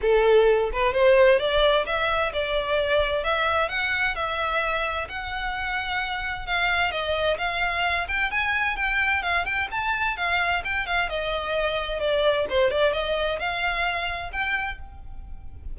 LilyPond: \new Staff \with { instrumentName = "violin" } { \time 4/4 \tempo 4 = 130 a'4. b'8 c''4 d''4 | e''4 d''2 e''4 | fis''4 e''2 fis''4~ | fis''2 f''4 dis''4 |
f''4. g''8 gis''4 g''4 | f''8 g''8 a''4 f''4 g''8 f''8 | dis''2 d''4 c''8 d''8 | dis''4 f''2 g''4 | }